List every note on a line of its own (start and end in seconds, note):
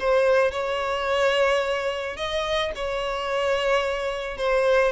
0.00 0.52 C5
0.52 2.17 C#5
2.17 2.72 D#5
2.76 4.38 C#5
4.38 4.93 C5